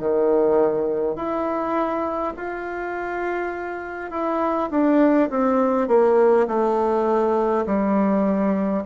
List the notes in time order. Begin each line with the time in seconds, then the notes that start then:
0.00 D#3
1.17 E4
2.37 F4
4.11 E4
4.71 D4
5.30 C4
5.89 A#3
6.48 A3
7.67 G3